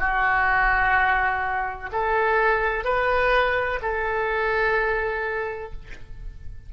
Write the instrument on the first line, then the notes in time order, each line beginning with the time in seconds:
oboe
0.00 F#4
1.92 A4
2.85 B4
3.82 A4